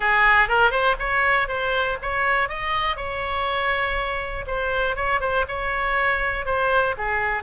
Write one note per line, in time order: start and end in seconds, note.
0.00 0.48 G#4
0.48 0.70 A#4
0.70 0.95 C5
0.99 1.48 C#5
1.48 1.97 C5
2.02 2.48 C#5
2.48 2.96 D#5
2.96 4.45 C#5
4.46 4.96 C5
4.96 5.20 C#5
5.20 5.45 C5
5.48 6.45 C#5
6.45 6.95 C5
6.97 7.43 G#4